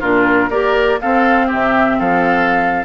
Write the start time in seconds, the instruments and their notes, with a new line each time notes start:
0.00 bassoon A#2, clarinet D4, oboe F4, flute A#4
0.50 bassoon A#3, clarinet G4, oboe A#4, flute D5
1.01 clarinet C4, bassoon C4, oboe A4, flute F5
1.47 oboe G4, flute E5
1.53 bassoon C3
1.99 bassoon F3, oboe A4, flute F5